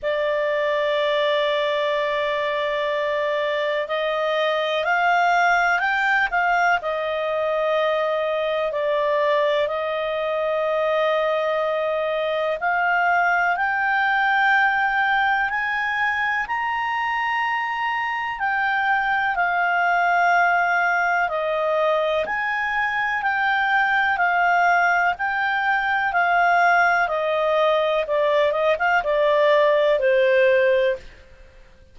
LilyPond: \new Staff \with { instrumentName = "clarinet" } { \time 4/4 \tempo 4 = 62 d''1 | dis''4 f''4 g''8 f''8 dis''4~ | dis''4 d''4 dis''2~ | dis''4 f''4 g''2 |
gis''4 ais''2 g''4 | f''2 dis''4 gis''4 | g''4 f''4 g''4 f''4 | dis''4 d''8 dis''16 f''16 d''4 c''4 | }